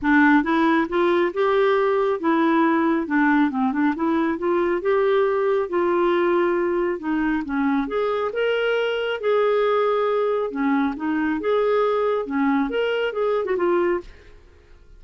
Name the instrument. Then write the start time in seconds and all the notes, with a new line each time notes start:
clarinet
0.02 D4
0.43 E4
0.88 F4
1.33 G4
2.20 E4
3.06 D4
3.50 C4
3.72 D4
3.95 E4
4.38 F4
4.81 G4
5.69 F4
6.99 D#4
7.45 C#4
7.87 G#4
8.32 A#4
9.20 G#4
10.50 C#4
10.96 D#4
11.40 G#4
12.26 C#4
12.69 A#4
13.12 G#4
13.45 F#4
13.56 F4